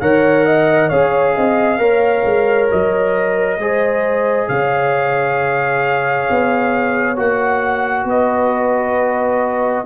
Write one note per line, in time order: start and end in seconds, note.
0.00 0.91 D#3
0.00 0.91 A#4
0.00 0.45 C#5
0.00 0.89 F#5
0.45 0.89 D#5
0.89 1.36 C#4
0.89 1.79 G#4
0.89 1.34 C#5
0.89 2.68 F5
1.35 1.78 C4
1.35 1.80 D#5
1.78 2.23 A#3
1.78 3.58 A#4
1.78 3.60 C#5
2.24 2.69 G#3
2.71 3.58 F#3
2.71 4.48 D#5
3.58 4.47 G#3
3.58 7.16 G#4
3.58 4.49 C5
4.48 6.28 C#3
4.48 8.07 C#5
4.48 7.17 F5
6.30 7.18 B3
7.16 8.04 A#3
7.16 9.85 F#4
7.16 8.07 F#5
8.04 9.83 B3
8.04 9.85 B4
8.04 9.85 D#5